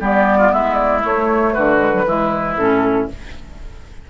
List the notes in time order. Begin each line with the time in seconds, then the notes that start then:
0.00 G3 B3 G4 D5
0.38 F4
0.52 G#3 E4 E5
0.74 D5
1.01 A3 C#5
1.54 D3 F#4 B4
1.77 G#3
1.93 F#3
2.06 E3 G#3 E4
2.57 A2 C#4 A4